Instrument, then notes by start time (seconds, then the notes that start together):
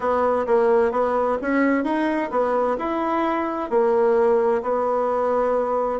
bassoon
0.00 B3
0.46 A#3
0.91 B3
1.41 C#4
1.83 D#4
2.30 B3
2.77 E4
3.69 A#3
4.62 B3